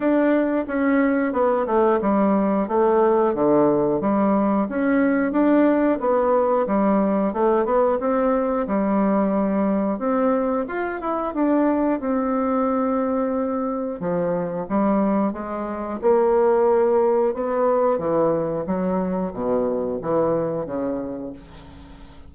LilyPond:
\new Staff \with { instrumentName = "bassoon" } { \time 4/4 \tempo 4 = 90 d'4 cis'4 b8 a8 g4 | a4 d4 g4 cis'4 | d'4 b4 g4 a8 b8 | c'4 g2 c'4 |
f'8 e'8 d'4 c'2~ | c'4 f4 g4 gis4 | ais2 b4 e4 | fis4 b,4 e4 cis4 | }